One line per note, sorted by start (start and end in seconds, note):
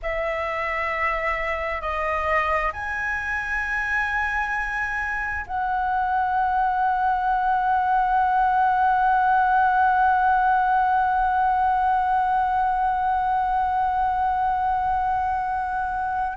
0.02 1.81 E5
1.81 2.72 D#5
2.73 5.45 G#5
5.46 16.37 F#5